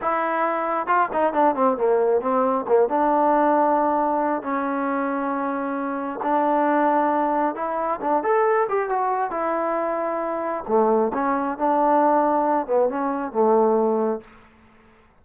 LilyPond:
\new Staff \with { instrumentName = "trombone" } { \time 4/4 \tempo 4 = 135 e'2 f'8 dis'8 d'8 c'8 | ais4 c'4 ais8 d'4.~ | d'2 cis'2~ | cis'2 d'2~ |
d'4 e'4 d'8 a'4 g'8 | fis'4 e'2. | a4 cis'4 d'2~ | d'8 b8 cis'4 a2 | }